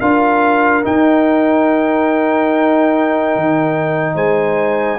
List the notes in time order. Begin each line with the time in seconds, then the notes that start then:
0.00 D4 F4 A#4 F5
0.83 D#4 G5
3.35 D#3
4.14 G#3 C5 G#5